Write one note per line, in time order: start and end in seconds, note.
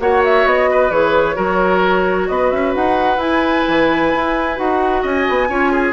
0.00 0.46 A#3
0.00 0.91 F#4
0.00 0.70 C#5
0.00 0.23 F#5
0.24 0.47 E5
0.46 0.90 B3
0.46 0.91 D#5
0.71 1.36 B4
0.90 1.36 E3
0.90 1.35 G#4
0.90 2.28 C#5
1.35 2.29 F#3
1.35 3.18 F#4
1.35 2.28 A#4
2.28 2.52 B3
2.28 5.02 B4
2.28 2.51 D#5
2.51 2.75 C#4
2.51 2.73 E5
2.75 3.17 D#4
2.75 3.20 F#5
3.17 3.63 E4
3.17 4.56 E4
3.17 4.58 G#5
3.68 4.14 E3
4.15 4.59 E4
4.56 5.04 D#4
4.56 5.48 F#4
4.56 5.04 F#5
5.02 5.27 C#4
5.02 5.48 D#5
5.02 5.93 G#5
5.29 5.49 B3
5.49 5.93 C#4
5.49 5.93 F4
5.49 5.72 C#5
5.72 5.93 G#4